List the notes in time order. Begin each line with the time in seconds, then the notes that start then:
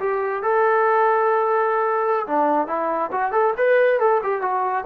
0.00 G4
0.43 A4
2.27 D4
2.68 E4
3.12 F#4
3.32 A4
3.57 B4
4.00 A4
4.23 G4
4.42 F#4